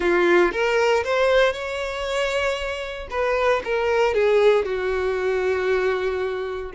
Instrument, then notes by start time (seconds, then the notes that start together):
violin
0.00 F4
0.52 A#4
1.04 C5
1.52 C#5
3.10 B4
3.64 A#4
4.14 G#4
4.65 F#4